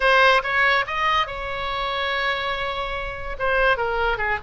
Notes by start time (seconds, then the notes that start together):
0.00 C5
0.43 C#5
0.86 D#5
1.26 C#5
3.38 C5
3.77 A#4
4.17 G#4